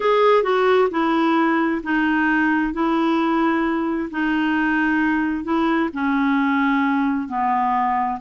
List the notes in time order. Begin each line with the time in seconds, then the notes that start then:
0.00 G#4
0.43 F#4
0.90 E4
1.83 D#4
2.73 E4
4.10 D#4
5.43 E4
5.93 C#4
7.28 B3